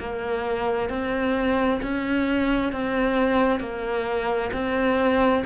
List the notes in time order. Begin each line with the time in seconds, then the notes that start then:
0.00 A#3
0.90 C4
1.83 C#4
2.73 C4
3.60 A#3
4.53 C4